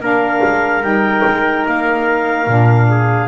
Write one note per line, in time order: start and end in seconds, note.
0.00 0.41 A#3
0.00 0.82 D4
0.00 2.89 A#4
0.00 0.83 F5
0.43 0.82 G#3
0.82 1.23 G3
0.82 2.47 D#4
0.82 1.66 G5
1.25 1.66 G#3
1.67 2.47 A#3
1.67 3.28 F5
2.47 3.28 A#2
2.47 3.28 D4
2.90 3.28 G#4